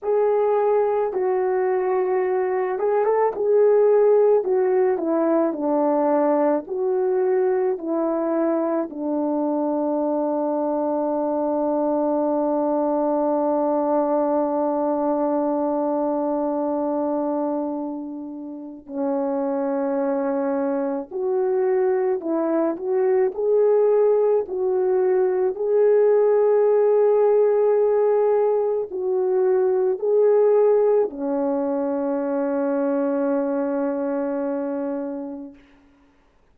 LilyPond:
\new Staff \with { instrumentName = "horn" } { \time 4/4 \tempo 4 = 54 gis'4 fis'4. gis'16 a'16 gis'4 | fis'8 e'8 d'4 fis'4 e'4 | d'1~ | d'1~ |
d'4 cis'2 fis'4 | e'8 fis'8 gis'4 fis'4 gis'4~ | gis'2 fis'4 gis'4 | cis'1 | }